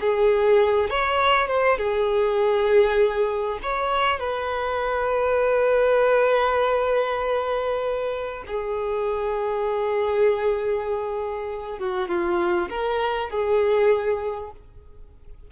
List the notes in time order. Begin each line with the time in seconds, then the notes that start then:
0.00 G#4
0.90 C#5
1.47 C5
1.77 G#4
3.62 C#5
4.19 B4
8.47 G#4
11.79 F#4
12.08 F4
12.69 A#4
13.29 G#4